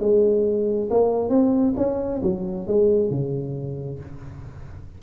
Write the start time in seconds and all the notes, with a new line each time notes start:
0.00 G#3
0.91 A#3
1.30 C4
1.77 C#4
2.23 F#3
2.68 G#3
3.11 C#3